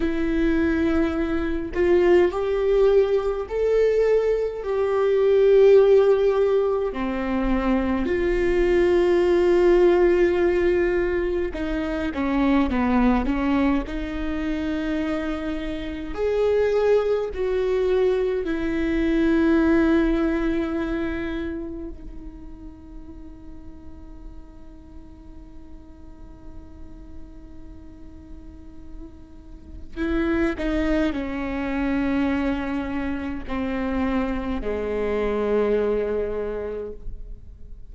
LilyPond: \new Staff \with { instrumentName = "viola" } { \time 4/4 \tempo 4 = 52 e'4. f'8 g'4 a'4 | g'2 c'4 f'4~ | f'2 dis'8 cis'8 b8 cis'8 | dis'2 gis'4 fis'4 |
e'2. dis'4~ | dis'1~ | dis'2 e'8 dis'8 cis'4~ | cis'4 c'4 gis2 | }